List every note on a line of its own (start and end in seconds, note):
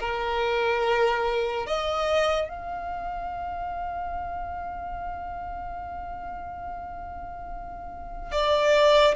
0.00 1.67 A#4
1.67 2.49 D#5
2.49 8.32 F5
8.32 9.15 D5